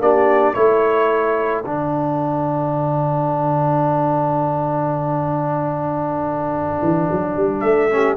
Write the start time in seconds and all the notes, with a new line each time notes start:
0.00 A#3 D4 G4 D5
0.54 A3 E4 A4 C#5
1.62 D3 D4 F#5
6.82 E3
7.11 F#3
7.36 G3
7.60 A3 E5
7.91 C#4 G4